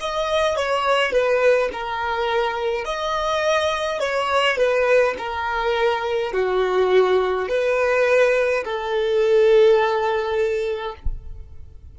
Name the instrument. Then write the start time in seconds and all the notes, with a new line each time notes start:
violin
0.00 D#5
0.56 C#5
1.12 B4
1.72 A#4
2.84 D#5
4.00 C#5
4.57 B4
5.18 A#4
6.33 F#4
7.48 B4
8.64 A4